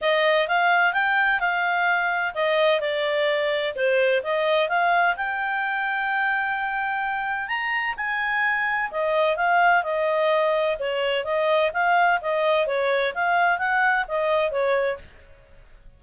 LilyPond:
\new Staff \with { instrumentName = "clarinet" } { \time 4/4 \tempo 4 = 128 dis''4 f''4 g''4 f''4~ | f''4 dis''4 d''2 | c''4 dis''4 f''4 g''4~ | g''1 |
ais''4 gis''2 dis''4 | f''4 dis''2 cis''4 | dis''4 f''4 dis''4 cis''4 | f''4 fis''4 dis''4 cis''4 | }